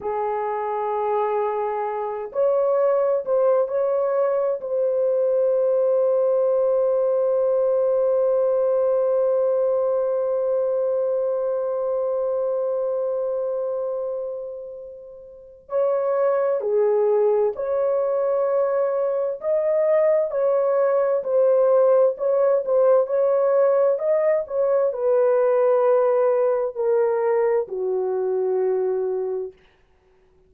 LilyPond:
\new Staff \with { instrumentName = "horn" } { \time 4/4 \tempo 4 = 65 gis'2~ gis'8 cis''4 c''8 | cis''4 c''2.~ | c''1~ | c''1~ |
c''4 cis''4 gis'4 cis''4~ | cis''4 dis''4 cis''4 c''4 | cis''8 c''8 cis''4 dis''8 cis''8 b'4~ | b'4 ais'4 fis'2 | }